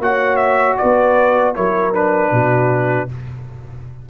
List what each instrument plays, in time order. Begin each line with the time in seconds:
0.00 tuba A#3, trombone F#4, horn C#5, trumpet F#5
0.37 trumpet E5
0.78 tuba B3, horn B4, trumpet D5
1.55 tuba F#3, trombone E4, horn A#4, trumpet C#5
1.94 trombone D4, trumpet B4
2.32 tuba B2, horn F#4